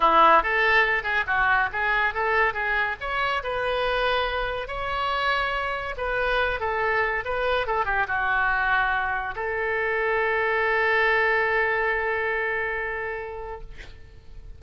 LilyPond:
\new Staff \with { instrumentName = "oboe" } { \time 4/4 \tempo 4 = 141 e'4 a'4. gis'8 fis'4 | gis'4 a'4 gis'4 cis''4 | b'2. cis''4~ | cis''2 b'4. a'8~ |
a'4 b'4 a'8 g'8 fis'4~ | fis'2 a'2~ | a'1~ | a'1 | }